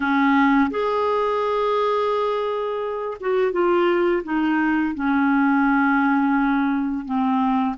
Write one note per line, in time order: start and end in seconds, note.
0.00 0.70 C#4
0.70 3.17 G#4
3.20 3.52 F#4
3.52 4.22 F4
4.24 4.94 D#4
4.94 7.05 C#4
7.05 7.75 C4